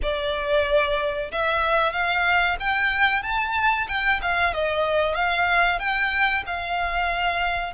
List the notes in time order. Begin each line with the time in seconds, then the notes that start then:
0.02 D5
1.31 E5
1.92 F5
2.59 G5
3.23 A5
3.88 G5
4.22 F5
4.53 D#5
5.14 F5
5.79 G5
6.46 F5